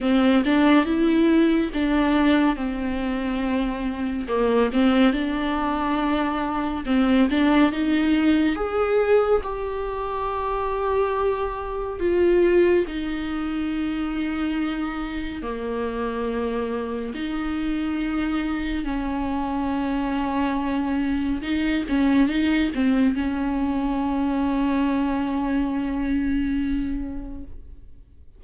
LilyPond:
\new Staff \with { instrumentName = "viola" } { \time 4/4 \tempo 4 = 70 c'8 d'8 e'4 d'4 c'4~ | c'4 ais8 c'8 d'2 | c'8 d'8 dis'4 gis'4 g'4~ | g'2 f'4 dis'4~ |
dis'2 ais2 | dis'2 cis'2~ | cis'4 dis'8 cis'8 dis'8 c'8 cis'4~ | cis'1 | }